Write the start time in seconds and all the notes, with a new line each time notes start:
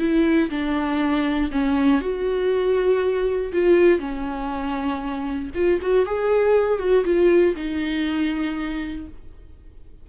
0.00 E4
0.51 D4
1.52 C#4
2.01 F#4
3.53 F4
4.00 C#4
5.55 F4
5.82 F#4
6.06 G#4
6.80 F#4
7.05 F4
7.56 D#4